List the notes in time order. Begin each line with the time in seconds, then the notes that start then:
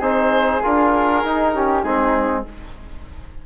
0.00 C4 D#4 G#4 C5
0.63 D4 F4 A#4
1.23 D#4
1.55 C#4 G4
1.83 G#3 C4 D#4 G#4